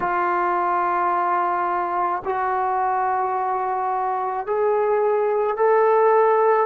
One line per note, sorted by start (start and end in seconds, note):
0.00 2.22 F4
2.25 4.46 F#4
4.46 5.56 G#4
5.56 6.66 A4